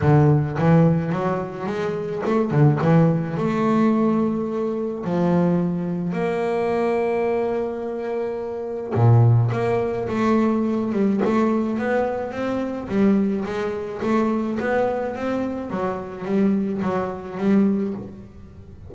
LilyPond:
\new Staff \with { instrumentName = "double bass" } { \time 4/4 \tempo 4 = 107 d4 e4 fis4 gis4 | a8 d8 e4 a2~ | a4 f2 ais4~ | ais1 |
ais,4 ais4 a4. g8 | a4 b4 c'4 g4 | gis4 a4 b4 c'4 | fis4 g4 fis4 g4 | }